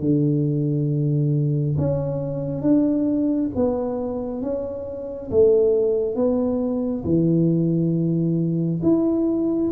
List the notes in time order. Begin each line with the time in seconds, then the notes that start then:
0.00 D3
1.78 C#4
2.62 D4
3.56 B3
4.42 C#4
5.31 A3
6.16 B3
7.05 E3
8.83 E4